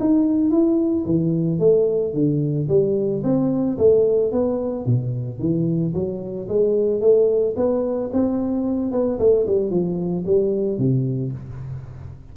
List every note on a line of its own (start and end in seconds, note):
0.00 0.50 D#4
0.50 1.04 E4
1.05 1.59 E3
1.59 2.13 A3
2.14 2.68 D3
2.68 3.22 G3
3.23 3.77 C4
3.78 4.32 A3
4.32 4.86 B3
4.86 5.39 B2
5.39 5.93 E3
5.94 6.48 F#3
6.48 7.00 G#3
7.00 7.55 A3
7.56 8.10 B3
8.12 8.91 C4
8.91 9.18 B3
9.19 9.46 A3
9.46 9.70 G3
9.70 10.24 F3
10.26 10.78 G3
10.78 11.32 C3